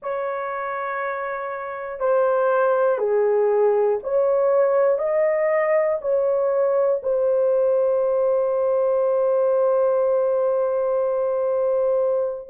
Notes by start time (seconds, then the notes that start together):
0.02 C#5
1.99 C5
2.98 G#4
4.03 C#5
4.98 D#5
6.01 C#5
7.03 C5